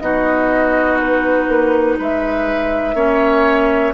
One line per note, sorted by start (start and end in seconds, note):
0.00 1.48 B3
0.00 2.96 D#4
0.00 1.98 F#4
0.00 0.98 D#5
1.00 1.98 B4
1.48 1.98 A#3
1.98 2.94 G#3
1.98 2.95 B4
1.98 3.94 E5
2.94 3.93 A#3
2.94 3.94 C#4
2.94 3.94 C#5